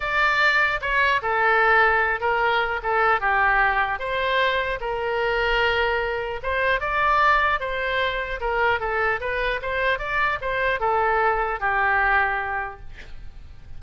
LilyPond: \new Staff \with { instrumentName = "oboe" } { \time 4/4 \tempo 4 = 150 d''2 cis''4 a'4~ | a'4. ais'4. a'4 | g'2 c''2 | ais'1 |
c''4 d''2 c''4~ | c''4 ais'4 a'4 b'4 | c''4 d''4 c''4 a'4~ | a'4 g'2. | }